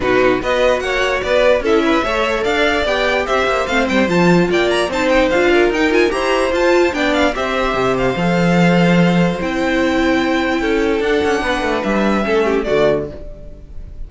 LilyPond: <<
  \new Staff \with { instrumentName = "violin" } { \time 4/4 \tempo 4 = 147 b'4 dis''4 fis''4 d''4 | e''2 f''4 g''4 | e''4 f''8 g''8 a''4 g''8 ais''8 | a''8 g''8 f''4 g''8 gis''8 ais''4 |
a''4 g''8 f''8 e''4. f''8~ | f''2. g''4~ | g''2. fis''4~ | fis''4 e''2 d''4 | }
  \new Staff \with { instrumentName = "violin" } { \time 4/4 fis'4 b'4 cis''4 b'4 | a'8 b'8 cis''4 d''2 | c''2. d''4 | c''4. ais'4. c''4~ |
c''4 d''4 c''2~ | c''1~ | c''2 a'2 | b'2 a'8 g'8 fis'4 | }
  \new Staff \with { instrumentName = "viola" } { \time 4/4 dis'4 fis'2. | e'4 a'2 g'4~ | g'4 c'4 f'2 | dis'4 f'4 dis'8 f'8 g'4 |
f'4 d'4 g'2 | a'2. e'4~ | e'2. d'4~ | d'2 cis'4 a4 | }
  \new Staff \with { instrumentName = "cello" } { \time 4/4 b,4 b4 ais4 b4 | cis'4 a4 d'4 b4 | c'8 ais8 a8 g8 f4 ais4 | c'4 d'4 dis'4 e'4 |
f'4 b4 c'4 c4 | f2. c'4~ | c'2 cis'4 d'8 cis'8 | b8 a8 g4 a4 d4 | }
>>